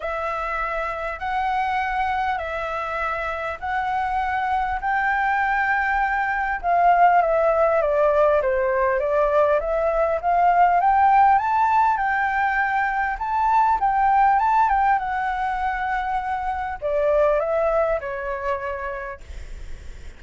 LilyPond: \new Staff \with { instrumentName = "flute" } { \time 4/4 \tempo 4 = 100 e''2 fis''2 | e''2 fis''2 | g''2. f''4 | e''4 d''4 c''4 d''4 |
e''4 f''4 g''4 a''4 | g''2 a''4 g''4 | a''8 g''8 fis''2. | d''4 e''4 cis''2 | }